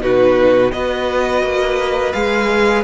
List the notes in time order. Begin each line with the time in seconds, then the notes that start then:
0.00 B2 D#4 F#4 B4
0.72 B3 F#4 B4 D#5
1.42 A#3
2.13 G#3 G#4 F5